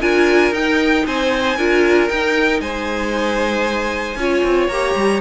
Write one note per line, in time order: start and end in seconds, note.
0.00 0.51 D4
0.00 0.52 F4
0.00 1.04 A#4
0.00 0.53 G#5
0.51 1.03 D#4
0.51 1.57 D#4
0.51 1.06 G5
1.06 1.57 C4
1.06 1.56 C5
1.06 2.08 G#5
1.56 2.09 D4
1.56 2.08 F4
1.56 2.61 A#4
2.08 4.17 D#4
2.08 2.60 D#4
2.08 2.60 G5
2.60 4.16 G#3
2.60 4.18 C5
2.60 4.68 G#5
4.16 4.42 C#4
4.16 4.71 F4
4.16 5.21 C#5
4.44 4.68 C4
4.68 4.94 A#3
4.68 5.21 G4
4.68 5.20 A#5
4.95 5.21 G3